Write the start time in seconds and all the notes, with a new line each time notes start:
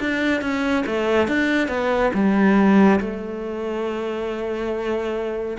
0.00 D4
0.42 C#4
0.86 A3
1.28 D4
1.69 B3
2.14 G3
3.00 A3